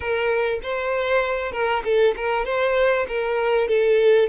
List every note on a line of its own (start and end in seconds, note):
0.00 0.59 A#4
0.62 1.52 C5
1.52 1.82 A#4
1.84 2.14 A4
2.16 2.45 A#4
2.45 3.06 C5
3.08 3.67 A#4
3.67 4.29 A4